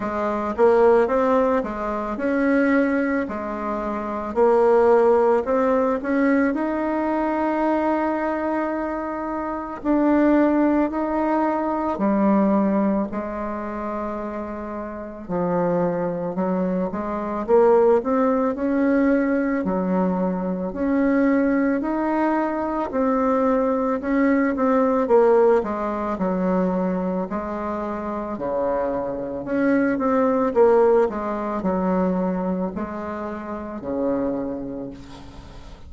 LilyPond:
\new Staff \with { instrumentName = "bassoon" } { \time 4/4 \tempo 4 = 55 gis8 ais8 c'8 gis8 cis'4 gis4 | ais4 c'8 cis'8 dis'2~ | dis'4 d'4 dis'4 g4 | gis2 f4 fis8 gis8 |
ais8 c'8 cis'4 fis4 cis'4 | dis'4 c'4 cis'8 c'8 ais8 gis8 | fis4 gis4 cis4 cis'8 c'8 | ais8 gis8 fis4 gis4 cis4 | }